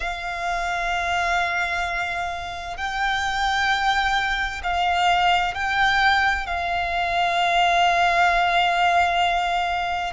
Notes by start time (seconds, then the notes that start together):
0.00 F5
2.77 G5
4.63 F5
5.54 G5
6.46 F5